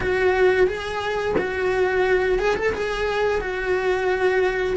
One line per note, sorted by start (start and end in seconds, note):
0.00 0.67 F#4
0.67 1.35 G#4
1.38 2.38 F#4
2.38 2.55 G#4
2.56 2.73 A4
2.73 3.40 G#4
3.40 4.76 F#4